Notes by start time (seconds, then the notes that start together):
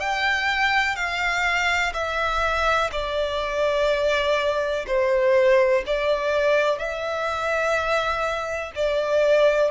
0.00 G5
0.96 F5
1.94 E5
2.93 D5
4.88 C5
5.87 D5
6.79 E5
8.76 D5